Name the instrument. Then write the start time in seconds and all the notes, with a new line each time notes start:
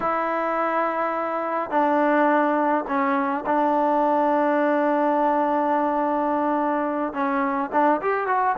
trombone
0.00 E4
1.70 D4
2.87 C#4
3.46 D4
7.13 C#4
7.72 D4
8.01 G4
8.27 F#4